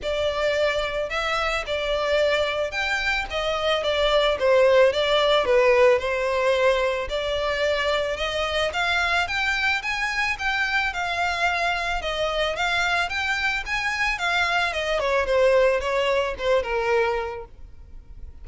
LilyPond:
\new Staff \with { instrumentName = "violin" } { \time 4/4 \tempo 4 = 110 d''2 e''4 d''4~ | d''4 g''4 dis''4 d''4 | c''4 d''4 b'4 c''4~ | c''4 d''2 dis''4 |
f''4 g''4 gis''4 g''4 | f''2 dis''4 f''4 | g''4 gis''4 f''4 dis''8 cis''8 | c''4 cis''4 c''8 ais'4. | }